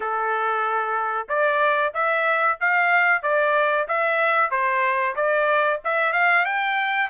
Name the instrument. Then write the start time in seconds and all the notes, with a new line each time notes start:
trumpet
0.00 A4
1.28 D5
1.94 E5
2.60 F5
3.22 D5
3.87 E5
4.50 C5
5.15 D5
5.84 E5
6.13 F5
6.45 G5